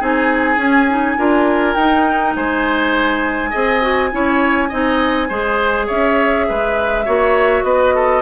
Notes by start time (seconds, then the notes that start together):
0.00 C4 D#4 G#4 G#5
0.58 C#4
0.90 D#4
1.18 D4 F4 A#4
1.75 D#4 G5
2.36 G#3 C5 G#5
3.51 C4 G#4 D#5
3.82 F#4
4.12 C#4 E4 C#5
4.69 C4 D#4 D#5
5.29 G#3 G#4 C5
5.87 C#4 C#5 E5
6.49 G#3 B4
7.06 A#3 F#4 C#5
7.64 B3 B4 D#5
7.95 A4